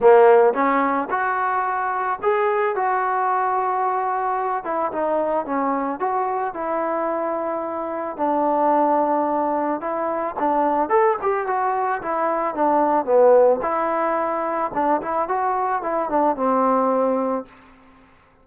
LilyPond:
\new Staff \with { instrumentName = "trombone" } { \time 4/4 \tempo 4 = 110 ais4 cis'4 fis'2 | gis'4 fis'2.~ | fis'8 e'8 dis'4 cis'4 fis'4 | e'2. d'4~ |
d'2 e'4 d'4 | a'8 g'8 fis'4 e'4 d'4 | b4 e'2 d'8 e'8 | fis'4 e'8 d'8 c'2 | }